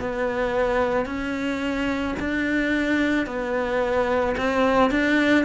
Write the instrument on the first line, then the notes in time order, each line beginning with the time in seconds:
cello
0.00 B3
1.06 C#4
2.19 D4
3.26 B3
4.37 C4
4.91 D4